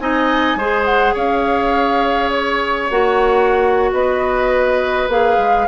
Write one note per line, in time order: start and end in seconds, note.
0.00 0.56 C4
0.00 0.59 D#4
0.00 0.58 D#5
0.00 0.85 G#5
0.56 1.14 G#3
0.56 2.91 G#4
0.56 1.14 C5
0.85 1.14 F#5
1.14 2.90 C#4
1.14 3.91 C#5
1.14 2.31 F5
2.31 2.90 C#5
2.90 3.92 A#3
2.90 5.10 F#4
2.90 3.92 F#5
3.92 5.08 B3
3.92 5.68 B4
3.92 5.10 D#5
5.08 5.37 A#3
5.08 5.68 G#4
5.08 5.68 F5
5.38 5.67 G#3